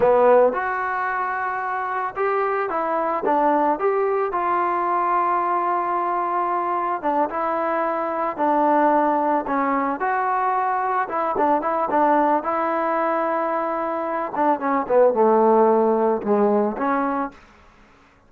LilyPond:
\new Staff \with { instrumentName = "trombone" } { \time 4/4 \tempo 4 = 111 b4 fis'2. | g'4 e'4 d'4 g'4 | f'1~ | f'4 d'8 e'2 d'8~ |
d'4. cis'4 fis'4.~ | fis'8 e'8 d'8 e'8 d'4 e'4~ | e'2~ e'8 d'8 cis'8 b8 | a2 gis4 cis'4 | }